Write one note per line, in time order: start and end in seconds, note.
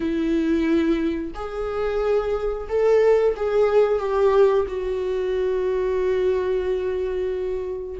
0.00 1.32 E4
1.34 2.68 G#4
2.68 3.35 A4
3.36 3.99 G#4
3.99 4.65 G4
4.68 8.00 F#4